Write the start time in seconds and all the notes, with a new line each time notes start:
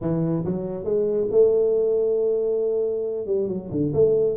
0.01 E3
0.44 F#3
0.84 G#3
1.30 A3
3.26 G3
3.48 F#3
3.71 D3
3.93 A3